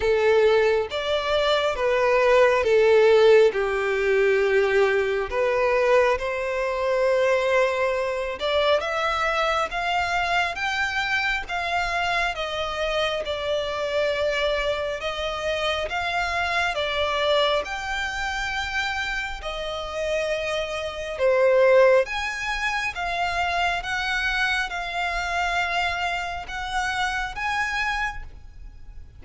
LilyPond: \new Staff \with { instrumentName = "violin" } { \time 4/4 \tempo 4 = 68 a'4 d''4 b'4 a'4 | g'2 b'4 c''4~ | c''4. d''8 e''4 f''4 | g''4 f''4 dis''4 d''4~ |
d''4 dis''4 f''4 d''4 | g''2 dis''2 | c''4 gis''4 f''4 fis''4 | f''2 fis''4 gis''4 | }